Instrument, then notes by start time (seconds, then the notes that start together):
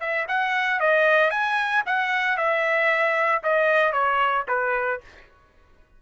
trumpet
0.00 E5
0.28 F#5
0.80 D#5
1.30 G#5
1.86 F#5
2.37 E5
3.43 D#5
3.92 C#5
4.48 B4